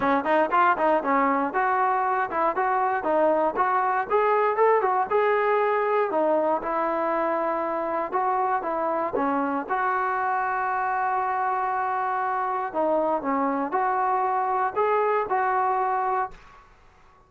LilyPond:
\new Staff \with { instrumentName = "trombone" } { \time 4/4 \tempo 4 = 118 cis'8 dis'8 f'8 dis'8 cis'4 fis'4~ | fis'8 e'8 fis'4 dis'4 fis'4 | gis'4 a'8 fis'8 gis'2 | dis'4 e'2. |
fis'4 e'4 cis'4 fis'4~ | fis'1~ | fis'4 dis'4 cis'4 fis'4~ | fis'4 gis'4 fis'2 | }